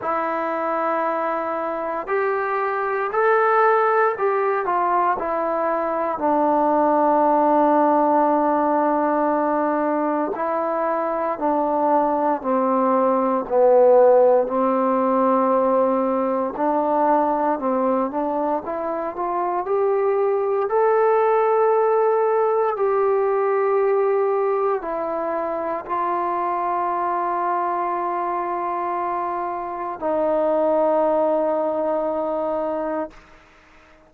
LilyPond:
\new Staff \with { instrumentName = "trombone" } { \time 4/4 \tempo 4 = 58 e'2 g'4 a'4 | g'8 f'8 e'4 d'2~ | d'2 e'4 d'4 | c'4 b4 c'2 |
d'4 c'8 d'8 e'8 f'8 g'4 | a'2 g'2 | e'4 f'2.~ | f'4 dis'2. | }